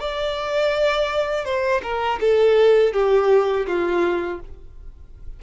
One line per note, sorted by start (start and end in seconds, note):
0.00 1.45 D5
1.45 1.81 C5
1.83 2.19 A#4
2.20 2.93 A4
2.93 3.66 G4
3.67 4.40 F4